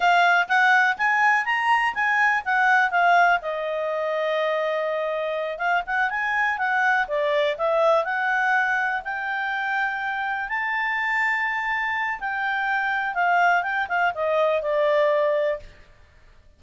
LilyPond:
\new Staff \with { instrumentName = "clarinet" } { \time 4/4 \tempo 4 = 123 f''4 fis''4 gis''4 ais''4 | gis''4 fis''4 f''4 dis''4~ | dis''2.~ dis''8 f''8 | fis''8 gis''4 fis''4 d''4 e''8~ |
e''8 fis''2 g''4.~ | g''4. a''2~ a''8~ | a''4 g''2 f''4 | g''8 f''8 dis''4 d''2 | }